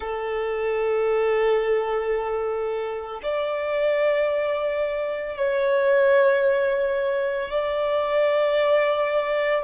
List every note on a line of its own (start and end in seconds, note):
0.00 3.21 A4
3.22 5.37 D5
5.37 7.50 C#5
7.50 9.64 D5